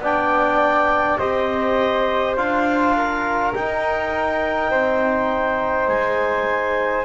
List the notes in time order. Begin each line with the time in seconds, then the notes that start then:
0.00 B3 D4 D5 G5
1.18 C4 G4 C5 D#5
2.37 D4 F4 F5
2.97 A#4
3.55 D#4 G5
4.71 C4 C5
5.88 G#3 G#5